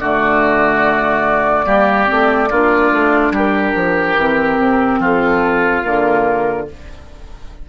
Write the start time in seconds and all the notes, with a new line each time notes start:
0.00 D3 A3 F#4 D5
1.66 G3 A#3 G4
2.07 A3 C4
2.50 A#3 D4 F4
2.92 A3
3.31 G3 G4 A#4
3.76 F3
4.17 E3 C4
4.58 C3
5.00 F3 F4 A4
5.84 D3 A#3 A#4